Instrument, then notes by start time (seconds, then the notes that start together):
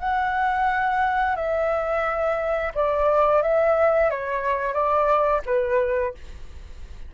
flute
0.00 F#5
1.36 E5
2.75 D5
3.43 E5
4.11 C#5
4.74 D5
5.46 B4